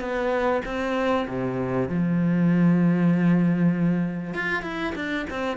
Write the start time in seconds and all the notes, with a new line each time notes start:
0.00 B3
0.65 C4
1.28 C3
1.89 F3
4.34 F4
4.63 E4
4.95 D4
5.30 C4